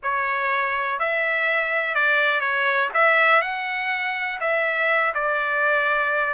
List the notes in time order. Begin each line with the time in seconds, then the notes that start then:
0.02 C#5
0.99 E5
1.94 D5
2.40 C#5
2.94 E5
3.41 F#5
4.40 E5
5.14 D5